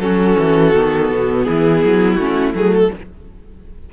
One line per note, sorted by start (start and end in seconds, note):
0.00 0.36 F#3
0.00 0.74 C#4
0.00 1.46 F#4
0.00 1.44 A4
0.39 0.75 E3
0.75 1.11 D#3
0.75 2.19 B3
1.11 1.47 B2
1.44 1.85 E3
1.44 2.90 E4
1.44 2.15 G#4
1.85 2.18 F#3
2.15 2.54 A3
2.15 2.54 C#4
2.15 2.51 F#4
2.54 2.91 F#3
2.54 2.91 A3
2.54 2.75 G#4
2.75 2.93 A4